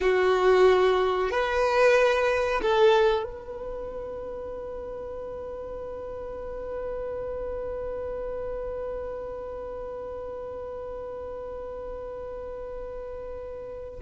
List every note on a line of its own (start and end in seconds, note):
0.00 1.30 F#4
1.30 2.61 B4
2.61 3.23 A4
3.23 13.99 B4